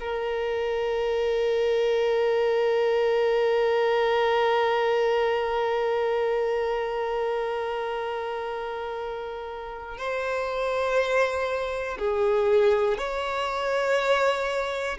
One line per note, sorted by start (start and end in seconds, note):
0.00 9.98 A#4
9.98 11.98 C5
11.99 12.98 G#4
12.98 14.98 C#5